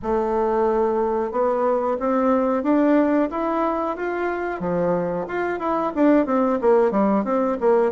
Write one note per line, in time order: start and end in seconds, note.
0.02 1.31 A3
1.31 1.97 B3
1.99 2.63 C4
2.63 3.29 D4
3.30 3.96 E4
3.96 4.59 F4
4.59 5.25 F3
5.27 5.59 F4
5.59 5.92 E4
5.95 6.25 D4
6.25 6.58 C4
6.61 6.91 A#3
6.91 7.24 G3
7.24 7.57 C4
7.60 7.91 A#3